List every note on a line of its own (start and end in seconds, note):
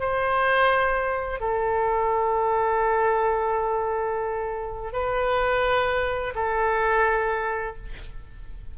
0.00 1.41 C5
1.41 4.93 A4
4.93 6.34 B4
6.35 7.76 A4